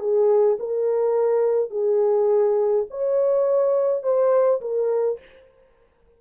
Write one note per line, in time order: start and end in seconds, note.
0.00 0.58 G#4
0.60 1.70 A#4
1.70 2.86 G#4
2.90 4.03 C#5
4.03 4.61 C5
4.61 5.19 A#4